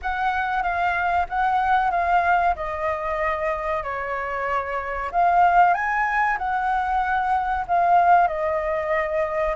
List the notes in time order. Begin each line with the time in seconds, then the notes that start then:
0.02 F#5
0.62 F5
1.29 F#5
1.90 F5
2.55 D#5
3.83 C#5
5.11 F5
5.74 G#5
6.37 F#5
7.67 F5
8.27 D#5